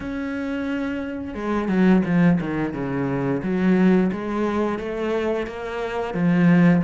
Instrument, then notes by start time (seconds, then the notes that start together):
cello
0.00 C#4
1.34 G#3
1.68 F#3
2.05 F3
2.40 D#3
2.73 C#3
3.42 F#3
4.12 G#3
4.79 A3
5.47 A#3
6.14 F3